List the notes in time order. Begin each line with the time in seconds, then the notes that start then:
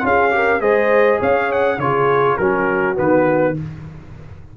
0.00 C#4 F4 G#4
0.06 F5
0.30 G4 A#4
0.60 G#3 G#4 C5 D#5
1.20 C#4 C#5 F5
1.52 F#5
1.78 C#3 F4 G#4 C#5
2.37 F#3 C#4 F#4 A#4
2.95 D#3 B3 B4